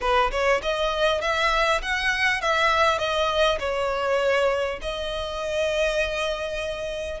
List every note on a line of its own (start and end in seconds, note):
0.00 0.30 B4
0.31 0.61 C#5
0.62 1.21 D#5
1.21 1.81 E5
1.82 2.41 F#5
2.41 2.98 E5
2.98 3.58 D#5
3.59 4.79 C#5
4.81 7.20 D#5